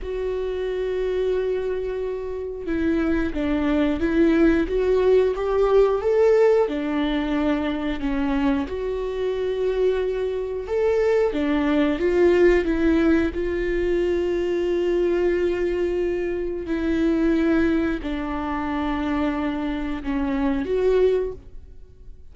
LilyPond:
\new Staff \with { instrumentName = "viola" } { \time 4/4 \tempo 4 = 90 fis'1 | e'4 d'4 e'4 fis'4 | g'4 a'4 d'2 | cis'4 fis'2. |
a'4 d'4 f'4 e'4 | f'1~ | f'4 e'2 d'4~ | d'2 cis'4 fis'4 | }